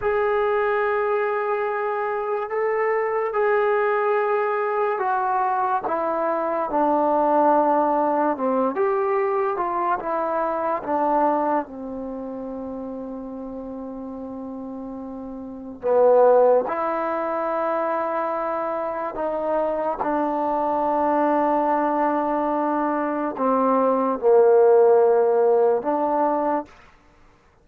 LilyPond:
\new Staff \with { instrumentName = "trombone" } { \time 4/4 \tempo 4 = 72 gis'2. a'4 | gis'2 fis'4 e'4 | d'2 c'8 g'4 f'8 | e'4 d'4 c'2~ |
c'2. b4 | e'2. dis'4 | d'1 | c'4 ais2 d'4 | }